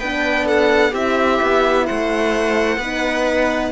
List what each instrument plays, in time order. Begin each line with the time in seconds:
0.00 cello B3, horn D4, viola B4, violin G5
0.46 viola A4, violin F#5
0.92 cello C4, horn E4, viola G4, violin E5
1.43 cello B3
1.87 cello A3, viola C5, violin F#5
2.78 cello B3, horn D#4, viola B4